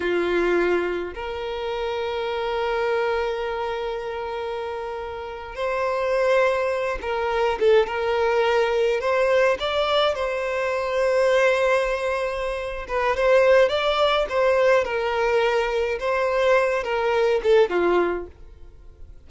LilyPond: \new Staff \with { instrumentName = "violin" } { \time 4/4 \tempo 4 = 105 f'2 ais'2~ | ais'1~ | ais'4.~ ais'16 c''2~ c''16~ | c''16 ais'4 a'8 ais'2 c''16~ |
c''8. d''4 c''2~ c''16~ | c''2~ c''8 b'8 c''4 | d''4 c''4 ais'2 | c''4. ais'4 a'8 f'4 | }